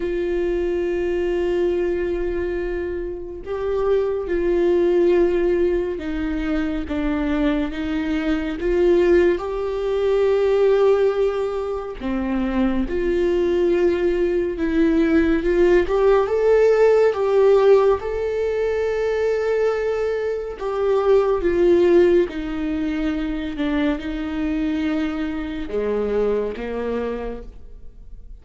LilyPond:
\new Staff \with { instrumentName = "viola" } { \time 4/4 \tempo 4 = 70 f'1 | g'4 f'2 dis'4 | d'4 dis'4 f'4 g'4~ | g'2 c'4 f'4~ |
f'4 e'4 f'8 g'8 a'4 | g'4 a'2. | g'4 f'4 dis'4. d'8 | dis'2 gis4 ais4 | }